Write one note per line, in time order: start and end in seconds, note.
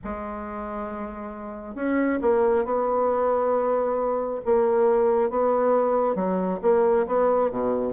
0.04 1.75 G#3
1.75 2.19 C#4
2.21 2.65 A#3
2.65 4.41 B3
4.45 5.30 A#3
5.30 6.15 B3
6.15 6.59 F#3
6.62 7.06 A#3
7.06 7.50 B3
7.50 7.93 B2